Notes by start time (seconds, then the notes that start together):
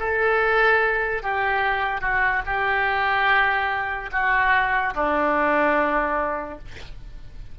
0.00 A4
1.23 G4
2.01 F#4
2.46 G4
4.12 F#4
4.95 D4